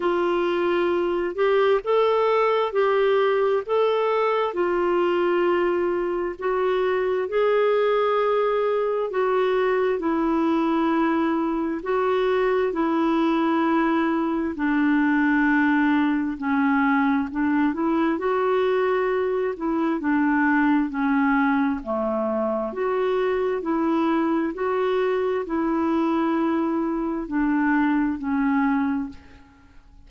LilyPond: \new Staff \with { instrumentName = "clarinet" } { \time 4/4 \tempo 4 = 66 f'4. g'8 a'4 g'4 | a'4 f'2 fis'4 | gis'2 fis'4 e'4~ | e'4 fis'4 e'2 |
d'2 cis'4 d'8 e'8 | fis'4. e'8 d'4 cis'4 | a4 fis'4 e'4 fis'4 | e'2 d'4 cis'4 | }